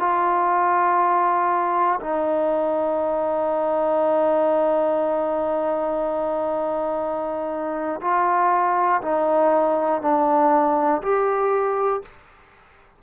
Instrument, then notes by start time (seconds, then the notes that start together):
trombone
0.00 F4
2.01 D#4
8.01 F4
9.02 D#4
10.02 D4
11.02 G4